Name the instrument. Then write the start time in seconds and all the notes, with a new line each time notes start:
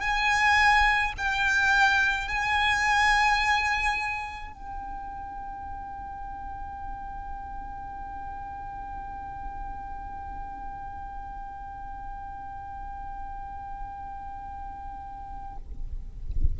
violin
0.00 G#5
1.18 G5
2.28 G#5
4.53 G5